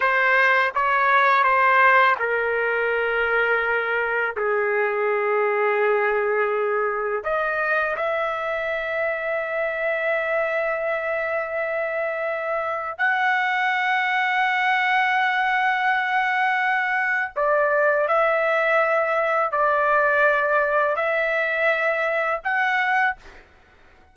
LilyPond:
\new Staff \with { instrumentName = "trumpet" } { \time 4/4 \tempo 4 = 83 c''4 cis''4 c''4 ais'4~ | ais'2 gis'2~ | gis'2 dis''4 e''4~ | e''1~ |
e''2 fis''2~ | fis''1 | d''4 e''2 d''4~ | d''4 e''2 fis''4 | }